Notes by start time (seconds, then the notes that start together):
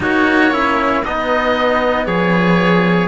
0.00 A#3 D#4 F#4 C#5
0.51 C#4 E4
1.04 B3 D#4 D#5
2.05 F3 G#4 C#5